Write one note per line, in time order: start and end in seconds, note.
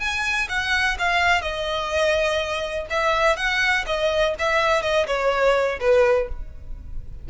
0.00 0.48 G#5
0.49 0.98 F#5
0.99 1.42 F5
1.42 2.87 D#5
2.91 3.37 E5
3.37 3.85 F#5
3.87 4.35 D#5
4.39 4.83 E5
4.83 5.07 D#5
5.07 5.80 C#5
5.81 6.29 B4